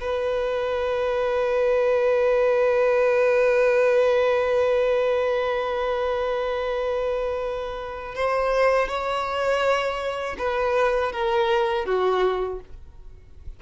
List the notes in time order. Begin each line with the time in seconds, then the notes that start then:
0.00 B4
8.15 C5
8.88 C#5
10.38 B4
11.12 A#4
11.86 F#4